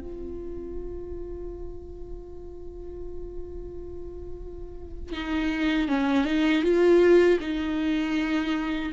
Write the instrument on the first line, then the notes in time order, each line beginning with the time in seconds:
viola
0.00 F4
5.13 D#4
5.88 C#4
6.25 D#4
6.63 F4
7.41 D#4